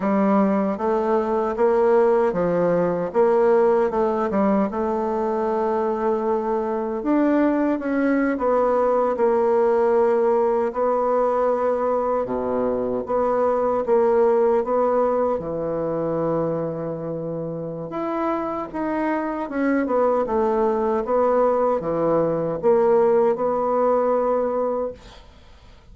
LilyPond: \new Staff \with { instrumentName = "bassoon" } { \time 4/4 \tempo 4 = 77 g4 a4 ais4 f4 | ais4 a8 g8 a2~ | a4 d'4 cis'8. b4 ais16~ | ais4.~ ais16 b2 b,16~ |
b,8. b4 ais4 b4 e16~ | e2. e'4 | dis'4 cis'8 b8 a4 b4 | e4 ais4 b2 | }